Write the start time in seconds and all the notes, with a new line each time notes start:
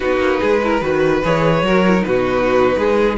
0.00 B3 D#4 F#4 B4
0.19 A#3
0.40 G#3 G#4
0.63 E4 A#4
0.81 D#3 F#4 B4
1.23 E3 G#4 C#5
1.62 F#3 F#4 A#4
1.87 E4
1.96 D#4
2.03 B2 F#4 B4
2.76 G#3 G#4